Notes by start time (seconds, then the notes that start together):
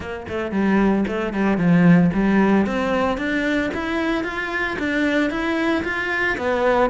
0.00 A#3
0.28 A3
0.51 G3
1.07 A3
1.33 G3
1.57 F3
2.13 G3
2.66 C4
3.17 D4
3.74 E4
4.24 F4
4.78 D4
5.30 E4
5.84 F4
6.37 B3